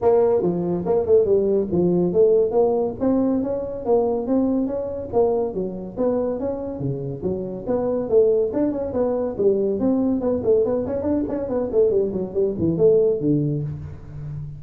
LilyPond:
\new Staff \with { instrumentName = "tuba" } { \time 4/4 \tempo 4 = 141 ais4 f4 ais8 a8 g4 | f4 a4 ais4 c'4 | cis'4 ais4 c'4 cis'4 | ais4 fis4 b4 cis'4 |
cis4 fis4 b4 a4 | d'8 cis'8 b4 g4 c'4 | b8 a8 b8 cis'8 d'8 cis'8 b8 a8 | g8 fis8 g8 e8 a4 d4 | }